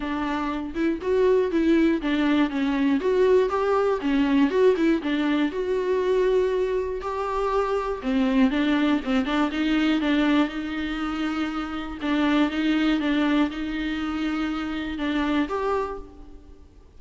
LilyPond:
\new Staff \with { instrumentName = "viola" } { \time 4/4 \tempo 4 = 120 d'4. e'8 fis'4 e'4 | d'4 cis'4 fis'4 g'4 | cis'4 fis'8 e'8 d'4 fis'4~ | fis'2 g'2 |
c'4 d'4 c'8 d'8 dis'4 | d'4 dis'2. | d'4 dis'4 d'4 dis'4~ | dis'2 d'4 g'4 | }